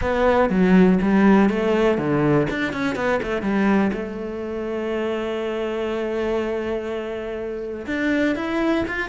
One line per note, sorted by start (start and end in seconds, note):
0.01 0.49 B3
0.49 0.99 F#3
1.02 1.49 G3
1.49 1.98 A3
1.98 2.47 D3
2.49 2.72 D4
2.72 2.95 C#4
2.95 3.20 B3
3.22 3.42 A3
3.42 3.91 G3
3.92 7.86 A3
7.86 8.35 D4
8.35 8.84 E4
8.87 9.09 F4